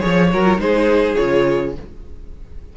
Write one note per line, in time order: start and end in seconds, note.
0.00 0.34 F3
0.00 0.29 G#4
0.00 0.29 C#5
0.00 0.61 C#5
0.32 0.58 F#3
0.32 0.45 F#4
0.32 0.60 A#4
0.45 0.58 F4
0.58 1.15 G#3
0.58 1.15 D#4
0.58 1.76 G#4
0.58 1.16 C5
1.16 1.77 C#3
1.16 1.74 F4
1.16 1.73 C#5